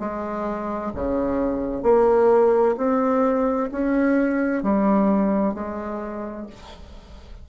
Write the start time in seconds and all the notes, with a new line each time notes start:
0.00 G#3
0.95 C#3
1.83 A#3
2.78 C4
3.72 C#4
4.63 G3
5.54 G#3